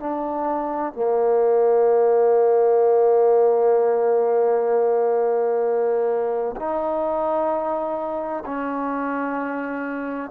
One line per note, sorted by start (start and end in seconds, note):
0.00 0.93 D4
0.93 6.56 A#3
6.56 8.44 D#4
8.45 10.31 C#4